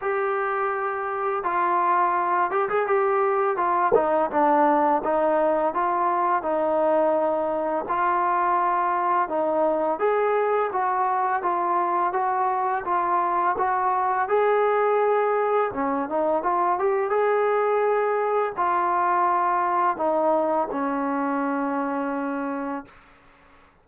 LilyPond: \new Staff \with { instrumentName = "trombone" } { \time 4/4 \tempo 4 = 84 g'2 f'4. g'16 gis'16 | g'4 f'8 dis'8 d'4 dis'4 | f'4 dis'2 f'4~ | f'4 dis'4 gis'4 fis'4 |
f'4 fis'4 f'4 fis'4 | gis'2 cis'8 dis'8 f'8 g'8 | gis'2 f'2 | dis'4 cis'2. | }